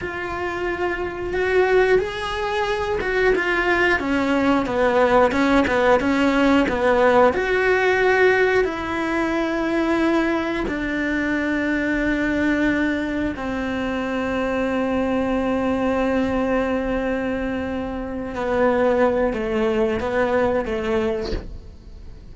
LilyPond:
\new Staff \with { instrumentName = "cello" } { \time 4/4 \tempo 4 = 90 f'2 fis'4 gis'4~ | gis'8 fis'8 f'4 cis'4 b4 | cis'8 b8 cis'4 b4 fis'4~ | fis'4 e'2. |
d'1 | c'1~ | c'2.~ c'8 b8~ | b4 a4 b4 a4 | }